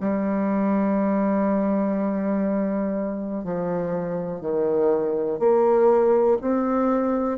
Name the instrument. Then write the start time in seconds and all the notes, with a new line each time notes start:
bassoon
0.00 G3
3.44 F3
4.41 D#3
5.39 A#3
6.41 C4